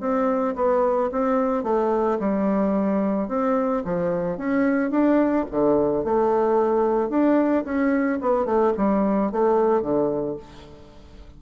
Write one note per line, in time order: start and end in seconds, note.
0.00 0.55 C4
0.55 1.10 B3
1.12 1.63 C4
1.63 2.18 A3
2.19 3.28 G3
3.28 3.83 C4
3.84 4.37 F3
4.37 4.90 C#4
4.90 5.45 D4
5.51 6.04 D3
6.04 7.09 A3
7.09 7.64 D4
7.64 8.19 C#4
8.21 8.45 B3
8.45 8.72 A3
8.77 9.31 G3
9.31 9.81 A3
9.81 10.36 D3